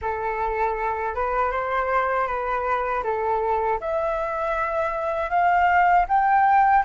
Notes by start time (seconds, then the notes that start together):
0.01 A4
1.15 B4
1.51 C5
2.27 B4
3.03 A4
3.80 E5
5.30 F5
6.08 G5